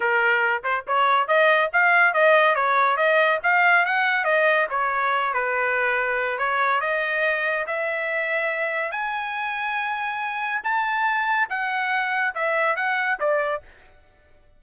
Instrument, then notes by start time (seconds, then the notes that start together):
trumpet
0.00 A#4
0.63 C5
0.87 C#5
1.27 D#5
1.72 F5
2.13 D#5
2.55 C#5
2.96 D#5
3.43 F5
3.85 F#5
4.24 D#5
4.70 C#5
5.33 B4
6.38 C#5
6.81 D#5
7.66 E5
8.91 G#5
10.63 A5
11.49 F#5
12.34 E5
12.76 F#5
13.19 D5